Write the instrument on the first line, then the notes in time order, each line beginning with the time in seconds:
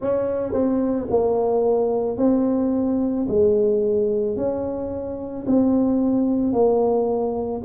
tuba
0.00 C#4
0.52 C4
1.10 A#3
2.17 C4
3.28 G#3
4.36 C#4
5.46 C4
6.52 A#3